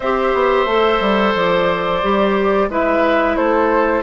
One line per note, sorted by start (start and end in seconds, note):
0.00 0.33 C4
0.00 0.67 G4
0.00 2.68 C5
0.00 1.33 E5
0.34 0.65 B3
0.65 0.99 A3
0.65 2.02 A4
1.00 1.34 G3
1.35 2.02 F3
1.35 2.71 D5
2.03 2.69 G3
2.03 2.70 G4
2.69 3.36 G#3
2.69 4.02 E4
2.69 3.37 B4
2.69 3.36 E5
3.36 4.02 A3
3.36 4.02 A4
3.36 4.02 C5